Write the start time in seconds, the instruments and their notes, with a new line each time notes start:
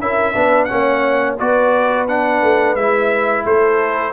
0.00 tuba C#4, trombone E4, horn A#4, trumpet E5
0.34 tuba B3, trombone D4, horn B4
0.65 trombone C#4, trumpet F#5
0.72 tuba A#3, horn C#5
1.39 tuba B3, trombone F#4, horn B4, trumpet D5
2.08 trombone D4, trumpet F#5
2.43 tuba A3
2.76 tuba G#3, trombone E4, trumpet E5
3.45 tuba A3, horn A4, trumpet C5